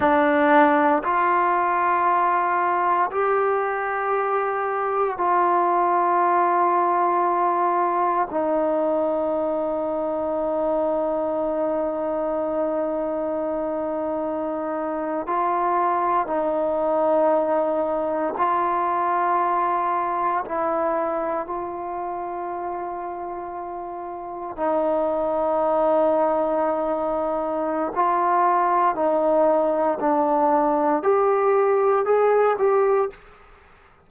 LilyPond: \new Staff \with { instrumentName = "trombone" } { \time 4/4 \tempo 4 = 58 d'4 f'2 g'4~ | g'4 f'2. | dis'1~ | dis'2~ dis'8. f'4 dis'16~ |
dis'4.~ dis'16 f'2 e'16~ | e'8. f'2. dis'16~ | dis'2. f'4 | dis'4 d'4 g'4 gis'8 g'8 | }